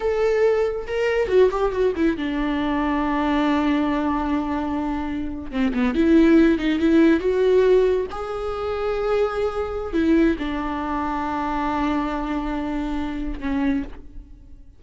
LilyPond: \new Staff \with { instrumentName = "viola" } { \time 4/4 \tempo 4 = 139 a'2 ais'4 fis'8 g'8 | fis'8 e'8 d'2.~ | d'1~ | d'8. c'8 b8 e'4. dis'8 e'16~ |
e'8. fis'2 gis'4~ gis'16~ | gis'2. e'4 | d'1~ | d'2. cis'4 | }